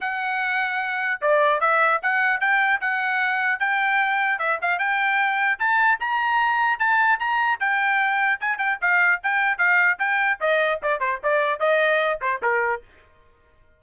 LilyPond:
\new Staff \with { instrumentName = "trumpet" } { \time 4/4 \tempo 4 = 150 fis''2. d''4 | e''4 fis''4 g''4 fis''4~ | fis''4 g''2 e''8 f''8 | g''2 a''4 ais''4~ |
ais''4 a''4 ais''4 g''4~ | g''4 gis''8 g''8 f''4 g''4 | f''4 g''4 dis''4 d''8 c''8 | d''4 dis''4. c''8 ais'4 | }